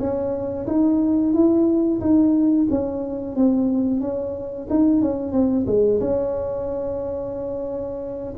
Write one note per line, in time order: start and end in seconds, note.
0.00 0.67 C#4
0.67 1.34 D#4
1.34 2.00 E4
2.01 2.68 D#4
2.70 3.36 C#4
3.36 4.01 C4
4.01 4.68 C#4
4.70 5.02 D#4
5.02 5.32 C#4
5.32 5.66 C4
5.67 6.00 G#3
6.01 8.34 C#4